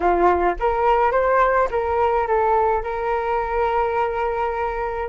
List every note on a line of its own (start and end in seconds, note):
0.00 0.55 F4
0.59 1.11 A#4
1.11 1.68 C5
1.71 2.27 A#4
2.27 2.83 A4
2.83 5.08 A#4